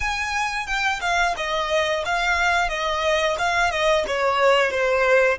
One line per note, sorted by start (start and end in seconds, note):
0.00 0.66 G#5
0.66 1.00 G5
1.00 1.34 F5
1.36 2.04 D#5
2.05 2.68 F5
2.68 3.36 D#5
3.38 3.70 F5
3.70 4.04 D#5
4.07 4.70 C#5
4.70 5.38 C5